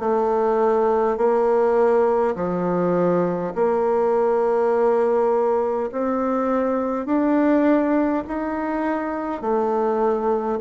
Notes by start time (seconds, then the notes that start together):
0.00 A3
1.18 A#3
2.36 F3
3.55 A#3
5.92 C4
7.06 D4
8.28 D#4
9.42 A3